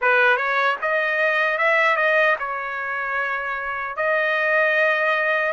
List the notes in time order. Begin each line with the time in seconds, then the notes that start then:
0.01 B4
0.36 C#5
0.81 D#5
1.58 E5
1.96 D#5
2.39 C#5
3.96 D#5